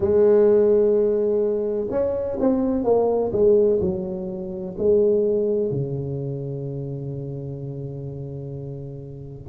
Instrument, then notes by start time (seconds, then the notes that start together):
tuba
0.00 G#3
1.90 C#4
2.39 C4
2.84 A#3
3.32 G#3
3.81 F#3
4.78 G#3
5.70 C#3